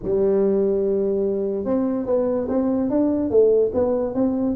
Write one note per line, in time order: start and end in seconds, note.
0.02 1.65 G3
1.65 2.06 C4
2.06 2.47 B3
2.48 2.89 C4
2.89 3.30 D4
3.30 3.71 A3
3.74 4.14 B3
4.14 4.56 C4